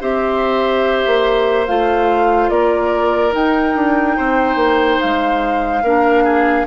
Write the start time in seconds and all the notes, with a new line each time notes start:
0.00 C4 G4 C5 E5
1.06 A#3
1.67 A3 F4 F5
2.49 A#3 A#4 D5
3.31 D#4 G5
3.75 D4
4.16 C4 C5
4.56 A#3
5.01 G#3 F5
5.82 A#3 D4 A#4
6.24 G#4